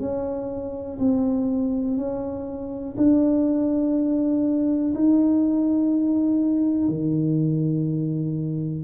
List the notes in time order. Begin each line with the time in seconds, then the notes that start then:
0.00 C#4
0.99 C4
1.97 C#4
2.97 D4
4.95 D#4
6.89 D#3